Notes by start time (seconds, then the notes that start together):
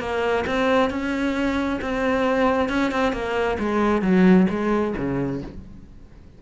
0.00 A#3
0.47 C4
0.90 C#4
1.82 C4
2.69 C#4
2.91 C4
3.13 A#3
3.59 G#3
4.02 F#3
4.50 G#3
4.97 C#3